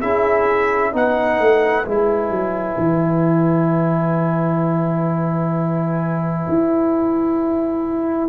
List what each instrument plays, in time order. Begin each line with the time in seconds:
0.00 tuba C#4, trombone E4, horn G#4, trumpet E5
0.92 tuba B3, trombone D#4, horn B4, trumpet F#5
1.39 tuba A3
1.85 tuba G#3, trombone E4, trumpet G#5
2.30 tuba F#3
2.78 tuba E3
6.48 tuba E4